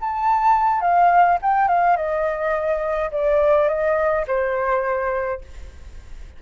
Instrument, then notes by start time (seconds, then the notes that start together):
flute
0.00 A5
0.81 F5
1.42 G5
1.68 F5
1.96 D#5
3.11 D5
3.68 D#5
4.27 C5